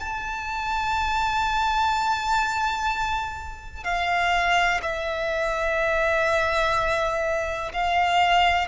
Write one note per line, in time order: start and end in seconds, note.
0.00 3.84 A5
3.84 4.81 F5
4.82 7.72 E5
7.73 8.68 F5